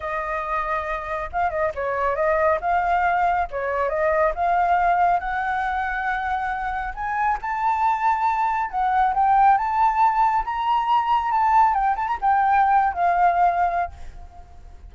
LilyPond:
\new Staff \with { instrumentName = "flute" } { \time 4/4 \tempo 4 = 138 dis''2. f''8 dis''8 | cis''4 dis''4 f''2 | cis''4 dis''4 f''2 | fis''1 |
gis''4 a''2. | fis''4 g''4 a''2 | ais''2 a''4 g''8 a''16 ais''16 | g''4.~ g''16 f''2~ f''16 | }